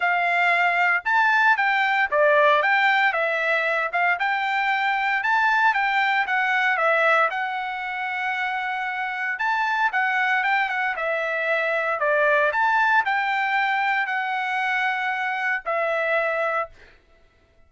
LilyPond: \new Staff \with { instrumentName = "trumpet" } { \time 4/4 \tempo 4 = 115 f''2 a''4 g''4 | d''4 g''4 e''4. f''8 | g''2 a''4 g''4 | fis''4 e''4 fis''2~ |
fis''2 a''4 fis''4 | g''8 fis''8 e''2 d''4 | a''4 g''2 fis''4~ | fis''2 e''2 | }